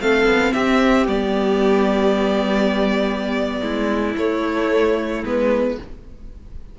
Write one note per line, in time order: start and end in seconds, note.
0.00 0.25 A3
0.00 1.06 C4
0.00 0.53 A4
0.00 0.53 F5
0.25 0.52 B3
0.53 1.07 C4
0.53 3.60 G4
0.53 1.06 E5
1.06 3.61 G3
1.06 4.14 B3
1.06 4.16 D5
3.60 4.15 G#3
3.60 5.75 E4
4.16 5.23 A3
4.16 5.24 A3
4.16 5.24 C#5
5.24 5.78 G#3
5.24 5.78 B3
5.24 5.79 B4